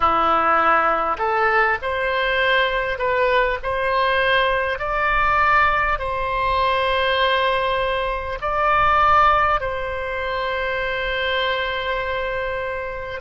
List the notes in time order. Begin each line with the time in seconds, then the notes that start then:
0.00 E4
1.17 A4
1.82 C5
2.98 B4
3.63 C5
4.78 D5
5.98 C5
8.41 D5
9.60 C5